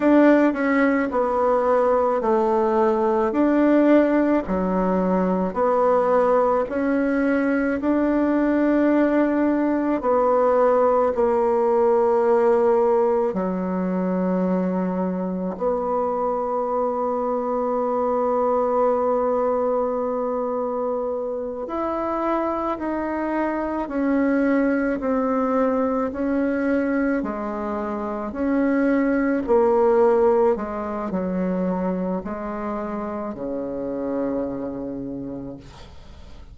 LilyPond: \new Staff \with { instrumentName = "bassoon" } { \time 4/4 \tempo 4 = 54 d'8 cis'8 b4 a4 d'4 | fis4 b4 cis'4 d'4~ | d'4 b4 ais2 | fis2 b2~ |
b2.~ b8 e'8~ | e'8 dis'4 cis'4 c'4 cis'8~ | cis'8 gis4 cis'4 ais4 gis8 | fis4 gis4 cis2 | }